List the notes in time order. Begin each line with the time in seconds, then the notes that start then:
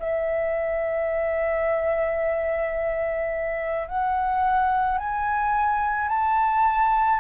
0.00 E5
3.88 F#5
4.98 G#5
6.09 A5